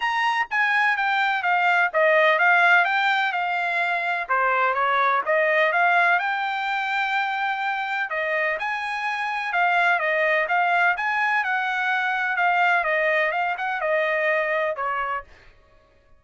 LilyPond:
\new Staff \with { instrumentName = "trumpet" } { \time 4/4 \tempo 4 = 126 ais''4 gis''4 g''4 f''4 | dis''4 f''4 g''4 f''4~ | f''4 c''4 cis''4 dis''4 | f''4 g''2.~ |
g''4 dis''4 gis''2 | f''4 dis''4 f''4 gis''4 | fis''2 f''4 dis''4 | f''8 fis''8 dis''2 cis''4 | }